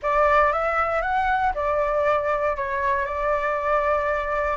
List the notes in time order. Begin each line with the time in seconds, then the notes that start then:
0.02 D5
0.52 E5
1.01 F#5
1.54 D5
2.56 C#5
3.05 D5